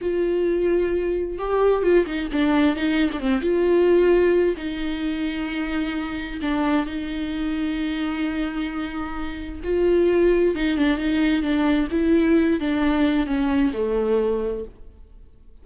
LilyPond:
\new Staff \with { instrumentName = "viola" } { \time 4/4 \tempo 4 = 131 f'2. g'4 | f'8 dis'8 d'4 dis'8. d'16 c'8 f'8~ | f'2 dis'2~ | dis'2 d'4 dis'4~ |
dis'1~ | dis'4 f'2 dis'8 d'8 | dis'4 d'4 e'4. d'8~ | d'4 cis'4 a2 | }